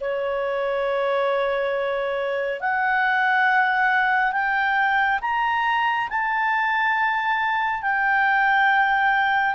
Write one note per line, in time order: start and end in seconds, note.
0.00 2.60 C#5
2.60 4.32 F#5
4.32 5.19 G5
5.21 6.08 A#5
6.09 7.82 A5
7.82 9.55 G5